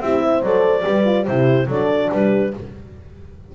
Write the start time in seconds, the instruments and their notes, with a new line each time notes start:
0.00 double bass C4, horn E4 G4, clarinet E5
0.22 horn C5
0.42 double bass F#3, horn A4, clarinet D5
0.82 double bass G3, horn G4 B4
1.05 horn F4
1.25 double bass C3, horn E4 G4, clarinet C5
1.67 double bass F#3, horn D4 A4, clarinet D5
2.10 double bass G3, horn G4, clarinet B4